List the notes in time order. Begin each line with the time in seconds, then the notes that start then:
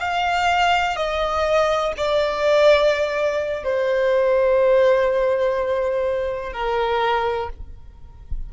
0.00 F5
0.96 D#5
1.97 D5
3.64 C5
6.53 A#4